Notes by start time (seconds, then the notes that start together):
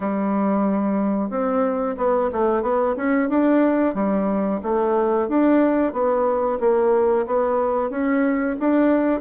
0.00 G3
1.29 C4
1.97 B3
2.32 A3
2.62 B3
2.96 C#4
3.29 D4
3.94 G3
4.62 A3
5.28 D4
5.93 B3
6.60 A#3
7.26 B3
7.90 C#4
8.59 D4